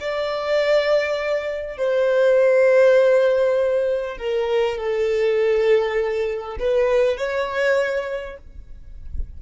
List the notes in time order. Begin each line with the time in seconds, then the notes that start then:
0.00 D5
1.77 C5
4.18 A#4
4.77 A4
6.59 B4
7.17 C#5